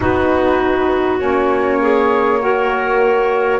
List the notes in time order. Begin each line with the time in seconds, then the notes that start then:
0.00 B3 D#4 F#4 B4
1.18 A#3 C#4 C#5
1.81 G#4
2.39 F#4 A#4